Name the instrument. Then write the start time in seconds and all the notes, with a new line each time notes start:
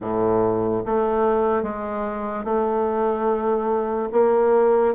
bassoon
0.00 A2
0.85 A3
1.63 G#3
2.44 A3
4.12 A#3